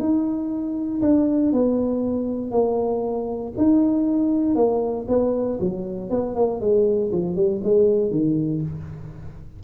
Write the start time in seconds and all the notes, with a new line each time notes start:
0.00 D#4
1.02 D4
1.53 B3
2.52 A#3
3.58 D#4
4.56 A#3
5.08 B3
5.60 F#3
6.10 B3
6.35 A#3
6.61 G#3
7.13 F3
7.36 G3
7.64 G#3
8.11 D#3